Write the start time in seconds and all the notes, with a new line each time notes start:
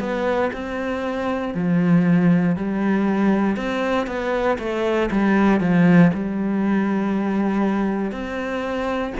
0.00 B3
0.53 C4
1.54 F3
2.56 G3
3.56 C4
4.07 B3
4.59 A3
5.11 G3
5.61 F3
6.14 G3
8.12 C4